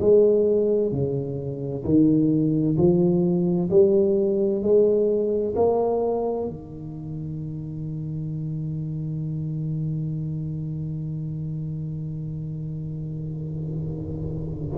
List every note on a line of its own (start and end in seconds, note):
0.00 0.92 G#3
0.92 1.84 C#3
1.85 2.77 D#3
2.77 3.70 F3
3.70 4.62 G3
4.62 5.55 G#3
5.56 6.47 A#3
6.47 14.78 D#3